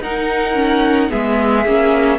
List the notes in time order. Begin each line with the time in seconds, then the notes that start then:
0.00 D#4 A#4 F#5
0.54 C#4
1.10 G#3 B3 G#4 E5
1.66 A#3 C#4